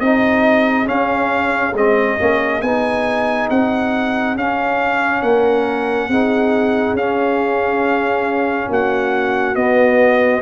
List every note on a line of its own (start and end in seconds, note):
0.00 0.87 C4
0.00 0.85 D#4
0.00 5.22 G#4
0.00 0.87 D#5
0.85 1.72 C#4
0.85 1.73 C#4
0.85 1.75 F5
1.73 2.17 G#3
1.73 2.19 C4
1.73 2.61 D#5
2.19 2.62 A#3
2.19 2.62 C#4
2.61 3.49 B3
2.61 4.37 D#4
2.61 3.48 G#5
3.50 4.36 C4
3.50 4.37 F#5
4.36 5.22 C#4
4.36 6.11 C#4
4.36 5.22 F5
5.22 6.09 A#3
5.22 6.09 A#4
5.22 6.96 F#5
6.09 6.93 C4
6.09 6.98 D#4
6.09 8.69 G#4
6.93 8.67 C#4
6.93 9.56 C#4
6.93 8.71 F5
8.69 9.56 A#3
8.69 10.42 F#4
8.69 9.55 F#5
9.55 10.42 B3
9.55 10.42 D#5